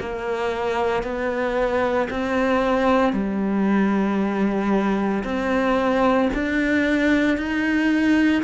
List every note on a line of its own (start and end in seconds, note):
0.00 1.03 A#3
1.03 2.08 B3
2.11 3.13 C4
3.13 5.23 G3
5.24 6.29 C4
6.34 7.38 D4
7.38 8.43 D#4